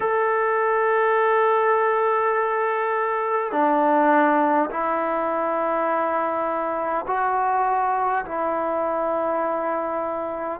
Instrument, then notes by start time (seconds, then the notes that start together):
trombone
0.00 A4
3.51 D4
4.70 E4
7.06 F#4
8.25 E4